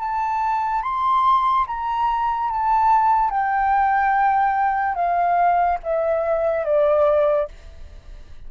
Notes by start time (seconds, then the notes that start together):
0.00 A5
0.83 C6
1.67 A#5
2.50 A5
3.30 G5
4.95 F5
5.83 E5
6.65 D5